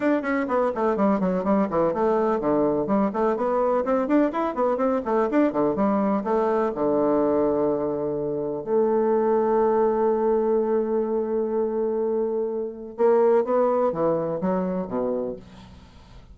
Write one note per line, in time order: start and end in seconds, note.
0.00 0.22 D4
0.22 0.46 C#4
0.47 0.71 B3
0.74 0.96 A3
0.96 1.20 G3
1.20 1.44 F#3
1.44 1.68 G3
1.70 1.93 E3
1.93 2.40 A3
2.40 2.86 D3
2.86 3.10 G3
3.13 3.36 A3
3.36 3.84 B3
3.84 4.07 C4
4.07 4.31 D4
4.32 4.55 E4
4.55 4.77 B3
4.77 5.01 C4
5.05 5.29 A3
5.30 5.52 D4
5.52 5.75 D3
5.75 6.23 G3
6.24 6.72 A3
6.74 8.64 D3
8.64 12.96 A3
12.97 13.44 A#3
13.44 13.92 B3
13.92 14.40 E3
14.40 14.87 F#3
14.87 15.35 B2